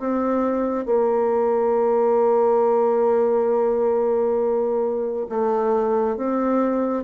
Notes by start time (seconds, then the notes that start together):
0.00 C4
0.86 A#3
5.29 A3
6.17 C4